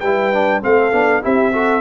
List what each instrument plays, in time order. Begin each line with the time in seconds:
0.00 tuba G3, trombone E4, horn B4, trumpet G5
0.33 trombone D4
0.62 tuba A3, trombone C4, horn A4, trumpet F5
0.92 tuba B3, trombone D4
1.21 tuba C4, trombone E4, horn G4, trumpet E5
1.52 trombone F#4, horn A4